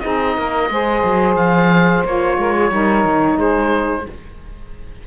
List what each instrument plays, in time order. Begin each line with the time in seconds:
0.00 cello C4, saxophone D#4 G#4, oboe D#5
0.36 cello A#3, saxophone A#4
0.70 cello G#3, saxophone G#4 C5
1.04 cello F#3
1.36 cello F3, oboe F5
2.05 cello A#3, saxophone F4, oboe C#5
2.37 cello G#3, saxophone A#4
2.55 saxophone G#4
2.71 cello G3, saxophone D#4 A#4
3.05 cello D#3
3.36 cello G#3, saxophone G#4, oboe C5